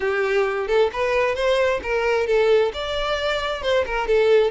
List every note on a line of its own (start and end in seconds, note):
0.00 0.67 G4
0.67 0.90 A4
0.92 1.35 B4
1.35 1.80 C5
1.83 2.27 A#4
2.27 2.72 A4
2.73 3.62 D5
3.62 3.84 C5
3.86 4.07 A#4
4.07 4.50 A4